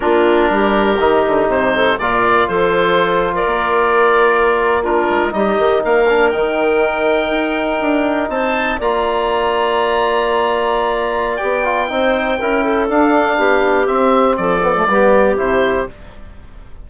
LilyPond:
<<
  \new Staff \with { instrumentName = "oboe" } { \time 4/4 \tempo 4 = 121 ais'2. c''4 | d''4 c''4.~ c''16 d''4~ d''16~ | d''4.~ d''16 ais'4 dis''4 f''16~ | f''8. g''2.~ g''16~ |
g''8. a''4 ais''2~ ais''16~ | ais''2. g''4~ | g''2 f''2 | e''4 d''2 c''4 | }
  \new Staff \with { instrumentName = "clarinet" } { \time 4/4 f'4 g'2~ g'8 a'8 | ais'4 a'4.~ a'16 ais'4~ ais'16~ | ais'4.~ ais'16 f'4 g'4 ais'16~ | ais'1~ |
ais'8. c''4 d''2~ d''16~ | d''1 | c''4 ais'8 a'4. g'4~ | g'4 a'4 g'2 | }
  \new Staff \with { instrumentName = "trombone" } { \time 4/4 d'2 dis'2 | f'1~ | f'4.~ f'16 d'4 dis'4~ dis'16~ | dis'16 d'8 dis'2.~ dis'16~ |
dis'4.~ dis'16 f'2~ f'16~ | f'2. g'8 f'8 | dis'4 e'4 d'2 | c'4. b16 a16 b4 e'4 | }
  \new Staff \with { instrumentName = "bassoon" } { \time 4/4 ais4 g4 dis8 d8 c4 | ais,4 f2 ais4~ | ais2~ ais16 gis8 g8 dis8 ais16~ | ais8. dis2 dis'4 d'16~ |
d'8. c'4 ais2~ ais16~ | ais2. b4 | c'4 cis'4 d'4 b4 | c'4 f4 g4 c4 | }
>>